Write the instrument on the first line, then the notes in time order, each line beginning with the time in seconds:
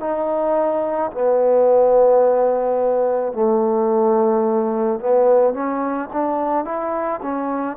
trombone
0.00 D#4
1.11 B3
3.32 A3
4.99 B3
5.53 C#4
6.13 D4
6.65 E4
7.22 C#4